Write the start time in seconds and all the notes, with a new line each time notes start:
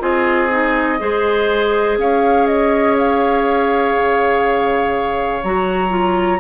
0.00 C4 F4 G#4 D#5
0.51 D#4
0.99 G#3 G#4 C5
1.98 C#4 C#5 F5
2.47 D#5
2.98 F5
3.97 C#3
5.43 F#3 F#4 A#5
5.89 F4